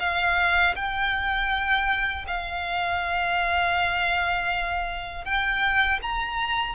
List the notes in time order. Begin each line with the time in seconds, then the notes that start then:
0.00 F5
0.76 G5
2.27 F5
5.25 G5
6.02 A#5